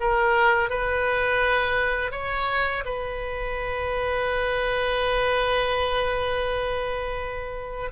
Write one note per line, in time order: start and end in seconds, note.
0.00 0.70 A#4
0.70 2.11 B4
2.11 2.84 C#5
2.85 7.91 B4